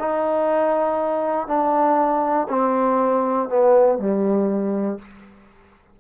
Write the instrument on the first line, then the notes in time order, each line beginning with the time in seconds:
trombone
0.00 D#4
1.48 D4
2.50 C4
3.49 B3
3.99 G3